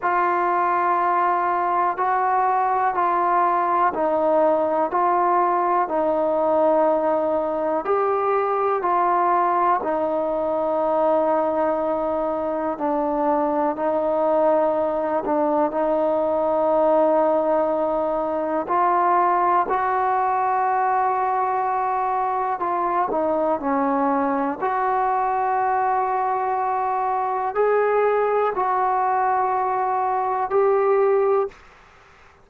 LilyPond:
\new Staff \with { instrumentName = "trombone" } { \time 4/4 \tempo 4 = 61 f'2 fis'4 f'4 | dis'4 f'4 dis'2 | g'4 f'4 dis'2~ | dis'4 d'4 dis'4. d'8 |
dis'2. f'4 | fis'2. f'8 dis'8 | cis'4 fis'2. | gis'4 fis'2 g'4 | }